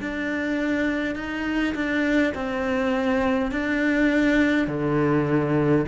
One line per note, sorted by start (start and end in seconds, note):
0.00 1.15 D4
1.15 1.74 D#4
1.74 2.33 D4
2.34 3.51 C4
3.51 4.67 D4
4.67 5.85 D3